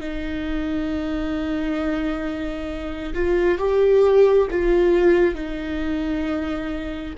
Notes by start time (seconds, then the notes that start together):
0.00 D#4
3.14 F4
3.58 G4
4.51 F4
5.34 D#4